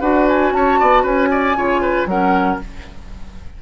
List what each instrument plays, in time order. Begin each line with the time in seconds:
0.00 bassoon D4, clarinet F#4, oboe B4, flute F#5
0.28 flute G#5
0.52 bassoon C#4, oboe C#5, flute A5
0.79 bassoon B3, oboe D5
1.02 bassoon C#4, oboe B4, flute G#5
1.31 oboe D5
1.56 bassoon C#3, clarinet F4, oboe C#5
1.81 oboe B4
2.05 bassoon F#3, clarinet C#4, oboe A#4, flute F#5